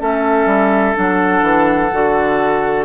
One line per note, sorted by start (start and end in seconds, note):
0.00 0.46 A3
0.00 0.95 C#4
0.00 2.85 A4
0.00 0.96 E5
0.46 0.93 G3
0.95 1.42 F#3
0.95 1.90 D4
0.95 2.85 F#5
1.42 1.89 E3
1.93 2.85 D3
1.93 2.85 F#4